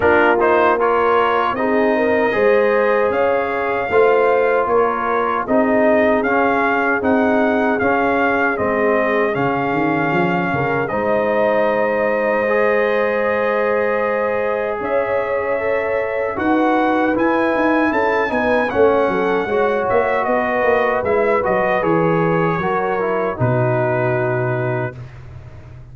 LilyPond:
<<
  \new Staff \with { instrumentName = "trumpet" } { \time 4/4 \tempo 4 = 77 ais'8 c''8 cis''4 dis''2 | f''2 cis''4 dis''4 | f''4 fis''4 f''4 dis''4 | f''2 dis''2~ |
dis''2. e''4~ | e''4 fis''4 gis''4 a''8 gis''8 | fis''4. e''8 dis''4 e''8 dis''8 | cis''2 b'2 | }
  \new Staff \with { instrumentName = "horn" } { \time 4/4 f'4 ais'4 gis'8 ais'8 c''4 | cis''4 c''4 ais'4 gis'4~ | gis'1~ | gis'4. ais'8 c''2~ |
c''2. cis''4~ | cis''4 b'2 a'8 b'8 | cis''8 a'8 cis''4 b'2~ | b'4 ais'4 fis'2 | }
  \new Staff \with { instrumentName = "trombone" } { \time 4/4 d'8 dis'8 f'4 dis'4 gis'4~ | gis'4 f'2 dis'4 | cis'4 dis'4 cis'4 c'4 | cis'2 dis'2 |
gis'1 | a'4 fis'4 e'4. dis'8 | cis'4 fis'2 e'8 fis'8 | gis'4 fis'8 e'8 dis'2 | }
  \new Staff \with { instrumentName = "tuba" } { \time 4/4 ais2 c'4 gis4 | cis'4 a4 ais4 c'4 | cis'4 c'4 cis'4 gis4 | cis8 dis8 f8 cis8 gis2~ |
gis2. cis'4~ | cis'4 dis'4 e'8 dis'8 cis'8 b8 | a8 fis8 gis8 ais8 b8 ais8 gis8 fis8 | e4 fis4 b,2 | }
>>